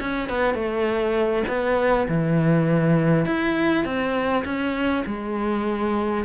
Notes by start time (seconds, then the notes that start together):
0.00 C#4
0.29 B3
0.54 A3
1.48 B3
2.08 E3
3.26 E4
3.85 C4
4.45 C#4
5.06 G#3